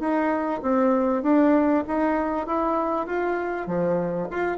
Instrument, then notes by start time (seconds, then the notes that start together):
bassoon
0.00 D#4
0.62 C4
1.22 D4
1.88 D#4
2.47 E4
3.07 F4
3.67 F3
4.31 F4